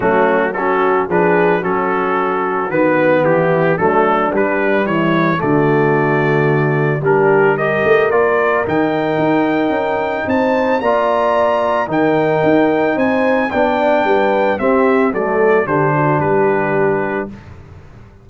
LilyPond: <<
  \new Staff \with { instrumentName = "trumpet" } { \time 4/4 \tempo 4 = 111 fis'4 a'4 b'4 a'4~ | a'4 b'4 g'4 a'4 | b'4 cis''4 d''2~ | d''4 ais'4 dis''4 d''4 |
g''2. a''4 | ais''2 g''2 | gis''4 g''2 e''4 | d''4 c''4 b'2 | }
  \new Staff \with { instrumentName = "horn" } { \time 4/4 cis'4 fis'4 gis'4 fis'4~ | fis'2 e'4 d'4~ | d'4 e'4 fis'2~ | fis'4 g'4 ais'2~ |
ais'2. c''4 | d''2 ais'2 | c''4 d''4 b'4 g'4 | a'4 g'8 fis'8 g'2 | }
  \new Staff \with { instrumentName = "trombone" } { \time 4/4 a4 cis'4 d'4 cis'4~ | cis'4 b2 a4 | g2 a2~ | a4 d'4 g'4 f'4 |
dis'1 | f'2 dis'2~ | dis'4 d'2 c'4 | a4 d'2. | }
  \new Staff \with { instrumentName = "tuba" } { \time 4/4 fis2 f4 fis4~ | fis4 dis4 e4 fis4 | g4 e4 d2~ | d4 g4. a8 ais4 |
dis4 dis'4 cis'4 c'4 | ais2 dis4 dis'4 | c'4 b4 g4 c'4 | fis4 d4 g2 | }
>>